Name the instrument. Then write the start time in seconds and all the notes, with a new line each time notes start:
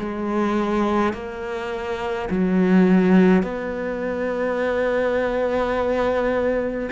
cello
0.00 G#3
1.14 A#3
2.31 F#3
3.43 B3